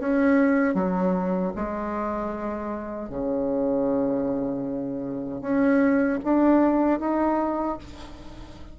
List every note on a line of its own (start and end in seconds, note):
0.00 0.75 C#4
0.75 1.53 F#3
1.56 3.10 G#3
3.10 5.42 C#3
5.42 6.19 C#4
6.24 7.00 D4
7.00 7.78 D#4